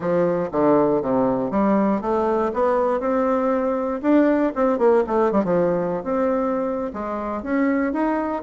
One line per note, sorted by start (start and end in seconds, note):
0.00 0.49 F3
0.51 1.02 D3
1.02 1.51 C3
1.51 2.01 G3
2.01 2.51 A3
2.53 3.00 B3
3.00 4.01 C4
4.02 4.52 D4
4.55 4.78 C4
4.78 5.03 A#3
5.06 5.31 A3
5.31 5.44 G3
5.44 6.03 F3
6.03 6.92 C4
6.93 7.42 G#3
7.42 7.93 C#4
7.93 8.42 D#4